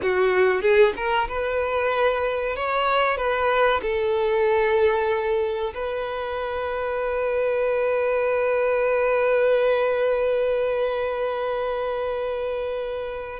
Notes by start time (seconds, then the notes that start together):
0.02 F#4
0.61 G#4
0.96 A#4
1.28 B4
2.55 C#5
3.17 B4
3.82 A4
5.74 B4